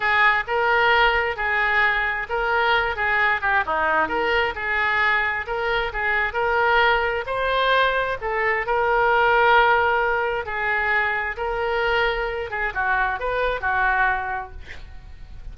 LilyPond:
\new Staff \with { instrumentName = "oboe" } { \time 4/4 \tempo 4 = 132 gis'4 ais'2 gis'4~ | gis'4 ais'4. gis'4 g'8 | dis'4 ais'4 gis'2 | ais'4 gis'4 ais'2 |
c''2 a'4 ais'4~ | ais'2. gis'4~ | gis'4 ais'2~ ais'8 gis'8 | fis'4 b'4 fis'2 | }